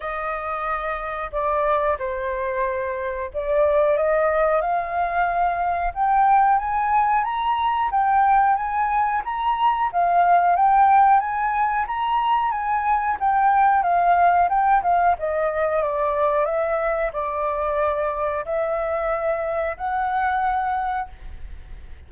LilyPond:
\new Staff \with { instrumentName = "flute" } { \time 4/4 \tempo 4 = 91 dis''2 d''4 c''4~ | c''4 d''4 dis''4 f''4~ | f''4 g''4 gis''4 ais''4 | g''4 gis''4 ais''4 f''4 |
g''4 gis''4 ais''4 gis''4 | g''4 f''4 g''8 f''8 dis''4 | d''4 e''4 d''2 | e''2 fis''2 | }